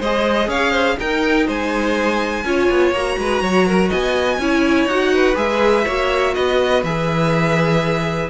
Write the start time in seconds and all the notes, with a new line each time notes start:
0.00 G#3 G#4 C5 D#5
0.48 C#4 C#5 F5
0.72 C5
0.98 D#4 A#4 G5
1.47 G#3 C5 G#5
2.45 C#4 F4 C#5
2.70 B3
2.92 A#3 F#4 A#5
3.18 G#3 B4
3.42 F#3 C#5
3.67 A#4
3.90 B3 D#5 G#5
4.39 C#4 E4 C#5
4.85 D#4 F#4 F#5
5.15 B4
5.35 G#3 G#4 E5
5.85 A#3 F#4 C#5
6.35 B3 B4 D#5
6.84 E3 G#4 E5